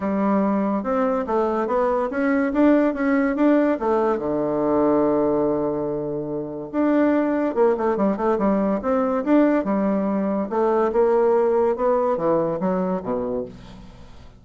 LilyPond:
\new Staff \with { instrumentName = "bassoon" } { \time 4/4 \tempo 4 = 143 g2 c'4 a4 | b4 cis'4 d'4 cis'4 | d'4 a4 d2~ | d1 |
d'2 ais8 a8 g8 a8 | g4 c'4 d'4 g4~ | g4 a4 ais2 | b4 e4 fis4 b,4 | }